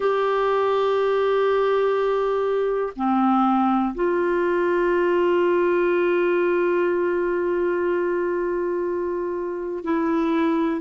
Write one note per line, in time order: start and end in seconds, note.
0.00 2.92 G4
2.96 3.94 C4
3.94 9.84 F4
9.84 10.81 E4